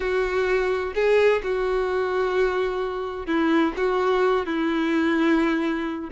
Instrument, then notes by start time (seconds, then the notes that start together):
violin
0.00 F#4
0.95 G#4
1.43 F#4
3.26 E4
3.76 F#4
4.46 E4